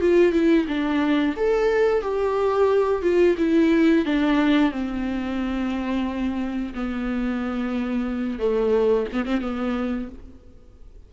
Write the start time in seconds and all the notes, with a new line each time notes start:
0.00 F4
0.32 E4
0.67 D4
1.36 A4
2.01 G4
3.02 F4
3.37 E4
4.05 D4
4.71 C4
6.74 B3
8.39 A3
9.12 B3
9.25 C4
9.41 B3